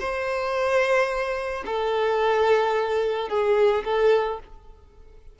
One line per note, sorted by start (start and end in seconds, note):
0.00 1.64 C5
1.66 3.29 A4
3.29 3.84 G#4
3.85 4.39 A4